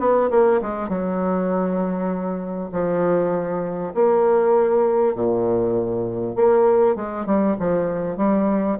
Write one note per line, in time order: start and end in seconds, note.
0.00 0.30 B3
0.31 0.61 A#3
0.62 0.89 G#3
0.89 2.71 F#3
2.73 3.94 F3
3.95 5.15 A#3
5.15 6.36 A#2
6.36 6.96 A#3
6.96 7.26 G#3
7.26 7.57 G3
7.60 8.17 F3
8.17 8.78 G3